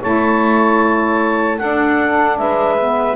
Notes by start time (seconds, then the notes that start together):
0.00 A3 E4 C#5 A5
1.58 D4 A4 F#5
2.37 G#3 B4 E5
2.79 B3